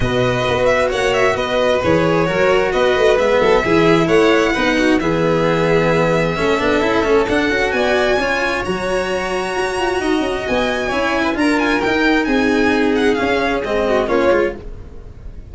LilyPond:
<<
  \new Staff \with { instrumentName = "violin" } { \time 4/4 \tempo 4 = 132 dis''4. e''8 fis''8 e''8 dis''4 | cis''2 dis''4 e''4~ | e''4 fis''2 e''4~ | e''1 |
fis''4 gis''2 ais''4~ | ais''2. gis''4~ | gis''4 ais''8 gis''8 g''4 gis''4~ | gis''8 fis''8 f''4 dis''4 cis''4 | }
  \new Staff \with { instrumentName = "violin" } { \time 4/4 b'2 cis''4 b'4~ | b'4 ais'4 b'4. a'8 | gis'4 cis''4 b'8 fis'8 gis'4~ | gis'2 a'2~ |
a'4 d''4 cis''2~ | cis''2 dis''2 | cis''8. b'16 ais'2 gis'4~ | gis'2~ gis'8 fis'8 f'4 | }
  \new Staff \with { instrumentName = "cello" } { \time 4/4 fis'1 | gis'4 fis'2 b4 | e'2 dis'4 b4~ | b2 cis'8 d'8 e'8 cis'8 |
d'8 fis'4. f'4 fis'4~ | fis'1 | e'4 f'4 dis'2~ | dis'4 cis'4 c'4 cis'8 f'8 | }
  \new Staff \with { instrumentName = "tuba" } { \time 4/4 b,4 b4 ais4 b4 | e4 fis4 b8 a8 gis8 fis8 | e4 a4 b4 e4~ | e2 a8 b8 cis'8 a8 |
d'8 cis'8 b4 cis'4 fis4~ | fis4 fis'8 f'8 dis'8 cis'8 b4 | cis'4 d'4 dis'4 c'4~ | c'4 cis'4 gis4 ais8 gis8 | }
>>